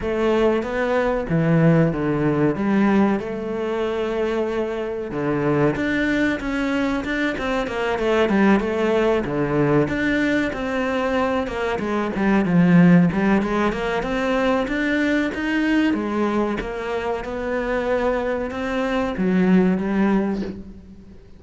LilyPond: \new Staff \with { instrumentName = "cello" } { \time 4/4 \tempo 4 = 94 a4 b4 e4 d4 | g4 a2. | d4 d'4 cis'4 d'8 c'8 | ais8 a8 g8 a4 d4 d'8~ |
d'8 c'4. ais8 gis8 g8 f8~ | f8 g8 gis8 ais8 c'4 d'4 | dis'4 gis4 ais4 b4~ | b4 c'4 fis4 g4 | }